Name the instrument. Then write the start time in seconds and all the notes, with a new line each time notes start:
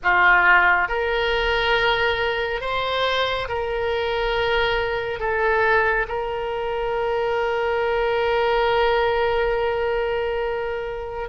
oboe
0.03 F4
0.88 A#4
2.60 C5
3.48 A#4
5.19 A4
6.08 A#4